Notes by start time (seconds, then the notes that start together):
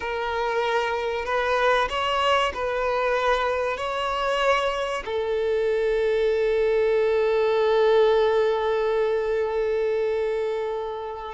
0.00 A#4
1.25 B4
1.89 C#5
2.53 B4
3.77 C#5
5.05 A4